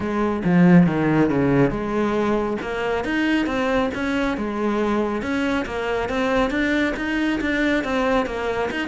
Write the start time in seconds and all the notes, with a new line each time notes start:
0.00 G#3
0.44 F3
0.86 D#3
1.30 C#3
1.70 G#3
2.61 A#3
3.04 D#4
3.46 C4
3.94 C#4
4.37 G#3
5.22 C#4
5.65 A#3
6.09 C4
6.50 D4
6.96 D#4
7.40 D4
7.84 C4
8.26 A#3
8.71 D#4